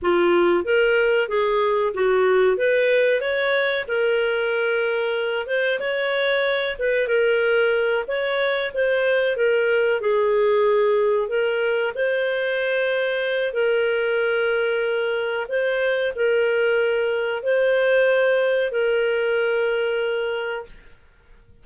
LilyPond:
\new Staff \with { instrumentName = "clarinet" } { \time 4/4 \tempo 4 = 93 f'4 ais'4 gis'4 fis'4 | b'4 cis''4 ais'2~ | ais'8 c''8 cis''4. b'8 ais'4~ | ais'8 cis''4 c''4 ais'4 gis'8~ |
gis'4. ais'4 c''4.~ | c''4 ais'2. | c''4 ais'2 c''4~ | c''4 ais'2. | }